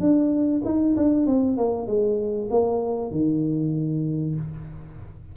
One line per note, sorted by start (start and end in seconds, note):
0.00 0.62 D4
0.65 0.96 D#4
0.96 1.26 D4
1.26 1.57 C4
1.57 1.87 A#3
1.87 2.49 G#3
2.50 3.11 A#3
3.11 4.35 D#3